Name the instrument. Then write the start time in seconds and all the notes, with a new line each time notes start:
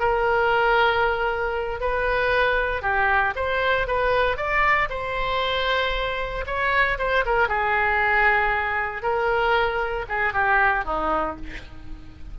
oboe
0.00 A#4
1.81 B4
2.83 G4
3.36 C5
3.88 B4
4.37 D5
4.90 C5
6.47 C#5
6.99 C5
7.26 A#4
7.49 G#4
9.03 A#4
10.09 G#4
10.34 G4
10.85 D#4